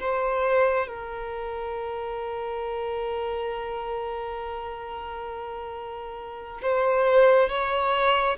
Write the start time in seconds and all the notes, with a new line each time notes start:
0.00 C5
0.88 A#4
6.62 C5
7.49 C#5